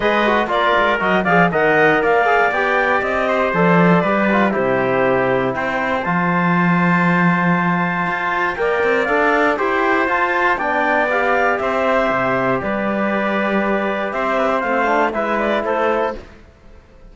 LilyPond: <<
  \new Staff \with { instrumentName = "clarinet" } { \time 4/4 \tempo 4 = 119 dis''4 d''4 dis''8 f''8 fis''4 | f''4 g''4 dis''4 d''4~ | d''4 c''2 g''4 | a''1~ |
a''4 g''4 f''4 g''4 | a''4 g''4 f''4 e''4~ | e''4 d''2. | e''4 f''4 e''8 d''8 c''4 | }
  \new Staff \with { instrumentName = "trumpet" } { \time 4/4 b'4 ais'4. d''8 dis''4 | d''2~ d''8 c''4. | b'4 g'2 c''4~ | c''1~ |
c''4 d''2 c''4~ | c''4 d''2 c''4~ | c''4 b'2. | c''8 b'16 c''4~ c''16 b'4 a'4 | }
  \new Staff \with { instrumentName = "trombone" } { \time 4/4 gis'8 fis'8 f'4 fis'8 gis'8 ais'4~ | ais'8 gis'8 g'2 a'4 | g'8 f'8 e'2. | f'1~ |
f'4 ais'4 a'4 g'4 | f'4 d'4 g'2~ | g'1~ | g'4 c'8 d'8 e'2 | }
  \new Staff \with { instrumentName = "cello" } { \time 4/4 gis4 ais8 gis8 fis8 f8 dis4 | ais4 b4 c'4 f4 | g4 c2 c'4 | f1 |
f'4 ais8 c'8 d'4 e'4 | f'4 b2 c'4 | c4 g2. | c'4 a4 gis4 a4 | }
>>